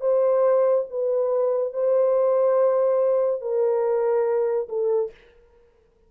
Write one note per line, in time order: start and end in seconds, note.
0.00 0.85 C5
0.90 1.73 B4
1.73 3.41 C5
3.41 4.68 A#4
4.69 5.11 A4